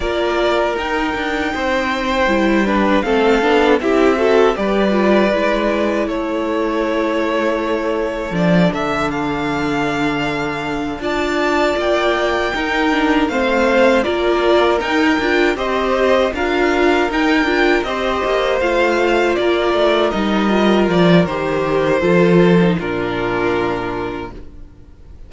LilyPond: <<
  \new Staff \with { instrumentName = "violin" } { \time 4/4 \tempo 4 = 79 d''4 g''2. | f''4 e''4 d''2 | cis''2. d''8 e''8 | f''2~ f''8 a''4 g''8~ |
g''4. f''4 d''4 g''8~ | g''8 dis''4 f''4 g''4 dis''8~ | dis''8 f''4 d''4 dis''4 d''8 | c''2 ais'2 | }
  \new Staff \with { instrumentName = "violin" } { \time 4/4 ais'2 c''4. b'8 | a'4 g'8 a'8 b'2 | a'1~ | a'2~ a'8 d''4.~ |
d''8 ais'4 c''4 ais'4.~ | ais'8 c''4 ais'2 c''8~ | c''4. ais'2~ ais'8~ | ais'4 a'4 f'2 | }
  \new Staff \with { instrumentName = "viola" } { \time 4/4 f'4 dis'2 e'8 d'8 | c'8 d'8 e'8 fis'8 g'8 f'8 e'4~ | e'2. d'4~ | d'2~ d'8 f'4.~ |
f'8 dis'8 d'8 c'4 f'4 dis'8 | f'8 g'4 f'4 dis'8 f'8 g'8~ | g'8 f'2 dis'8 f'4 | g'4 f'8. dis'16 d'2 | }
  \new Staff \with { instrumentName = "cello" } { \time 4/4 ais4 dis'8 d'8 c'4 g4 | a8 b8 c'4 g4 gis4 | a2. f8 d8~ | d2~ d8 d'4 ais8~ |
ais8 dis'4 a4 ais4 dis'8 | d'8 c'4 d'4 dis'8 d'8 c'8 | ais8 a4 ais8 a8 g4 f8 | dis4 f4 ais,2 | }
>>